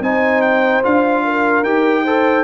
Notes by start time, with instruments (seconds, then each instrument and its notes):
0.00 tuba C4, trombone D#4, horn C5, trumpet G#5
0.41 trumpet G5
0.83 tuba D4, trombone F4, trumpet F5
1.24 horn A#4
1.63 tuba D#4, trombone G4, trumpet G5
2.04 trombone A4, horn C5